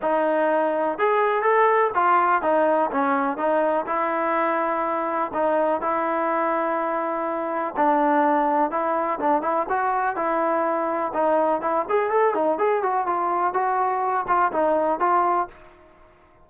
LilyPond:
\new Staff \with { instrumentName = "trombone" } { \time 4/4 \tempo 4 = 124 dis'2 gis'4 a'4 | f'4 dis'4 cis'4 dis'4 | e'2. dis'4 | e'1 |
d'2 e'4 d'8 e'8 | fis'4 e'2 dis'4 | e'8 gis'8 a'8 dis'8 gis'8 fis'8 f'4 | fis'4. f'8 dis'4 f'4 | }